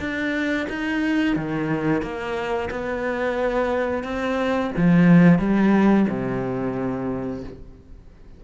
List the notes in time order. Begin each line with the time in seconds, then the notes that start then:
0.00 D4
0.70 D#4
1.36 D#3
2.03 A#3
2.71 B3
4.04 C4
4.77 F3
5.39 G3
6.09 C3